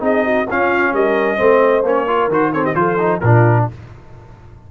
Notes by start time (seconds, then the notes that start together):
0.00 C4 D#4 G#4 D#5
0.25 F#4
0.48 C#4 F4 F5
0.93 G3 A#4 D#5
1.37 A3 C4 C5
1.84 A#3 C#4 C#5
2.07 F4 A#4
2.28 D#3 F#4 C5
2.53 C4 A4 C#5
2.64 G4 D#5
2.75 F3 F4 A4 C5
2.99 D#4
3.21 A#2 D4 F4 A#4